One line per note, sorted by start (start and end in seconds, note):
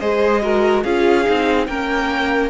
0.00 0.85 G#3
0.00 0.42 G#4
0.00 0.42 C5
0.00 0.84 D#5
0.42 0.85 F#4
0.42 0.84 A#4
0.84 1.27 C#4
0.84 1.25 F4
0.84 1.68 G#4
0.84 1.67 F5
1.25 1.68 C4
1.25 1.67 D#4
1.67 2.51 A#3
1.67 2.51 C#4
1.67 2.51 A#4
1.67 2.51 G5